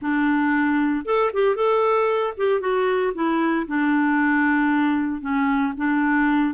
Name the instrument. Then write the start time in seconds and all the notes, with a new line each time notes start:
clarinet
0.01 D4
1.05 A4
1.33 G4
1.55 A4
2.37 G4
2.60 F#4
3.14 E4
3.67 D4
5.21 C#4
5.76 D4